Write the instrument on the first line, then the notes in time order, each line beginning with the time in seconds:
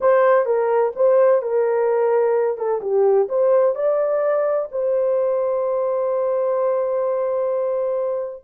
horn
0.00 C5
0.45 A#4
0.95 C5
1.42 A#4
2.57 A4
2.81 G4
3.28 C5
3.75 D5
4.71 C5